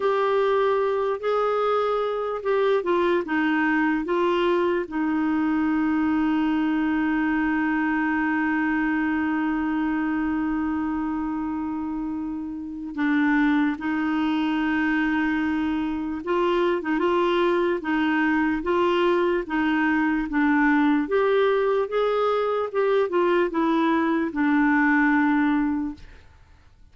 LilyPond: \new Staff \with { instrumentName = "clarinet" } { \time 4/4 \tempo 4 = 74 g'4. gis'4. g'8 f'8 | dis'4 f'4 dis'2~ | dis'1~ | dis'1 |
d'4 dis'2. | f'8. dis'16 f'4 dis'4 f'4 | dis'4 d'4 g'4 gis'4 | g'8 f'8 e'4 d'2 | }